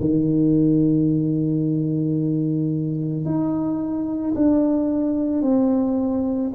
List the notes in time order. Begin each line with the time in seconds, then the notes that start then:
0.00 D#3
3.25 D#4
4.35 D4
5.42 C4